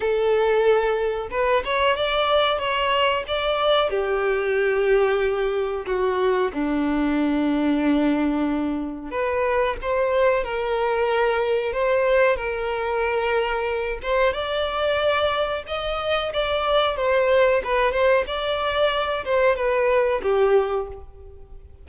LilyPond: \new Staff \with { instrumentName = "violin" } { \time 4/4 \tempo 4 = 92 a'2 b'8 cis''8 d''4 | cis''4 d''4 g'2~ | g'4 fis'4 d'2~ | d'2 b'4 c''4 |
ais'2 c''4 ais'4~ | ais'4. c''8 d''2 | dis''4 d''4 c''4 b'8 c''8 | d''4. c''8 b'4 g'4 | }